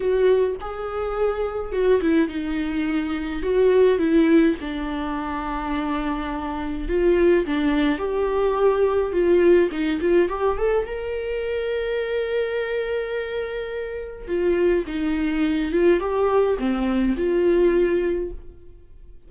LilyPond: \new Staff \with { instrumentName = "viola" } { \time 4/4 \tempo 4 = 105 fis'4 gis'2 fis'8 e'8 | dis'2 fis'4 e'4 | d'1 | f'4 d'4 g'2 |
f'4 dis'8 f'8 g'8 a'8 ais'4~ | ais'1~ | ais'4 f'4 dis'4. f'8 | g'4 c'4 f'2 | }